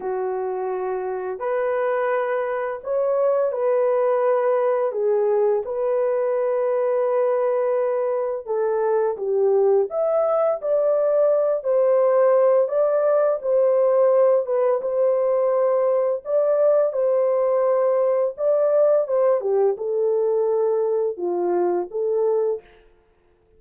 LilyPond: \new Staff \with { instrumentName = "horn" } { \time 4/4 \tempo 4 = 85 fis'2 b'2 | cis''4 b'2 gis'4 | b'1 | a'4 g'4 e''4 d''4~ |
d''8 c''4. d''4 c''4~ | c''8 b'8 c''2 d''4 | c''2 d''4 c''8 g'8 | a'2 f'4 a'4 | }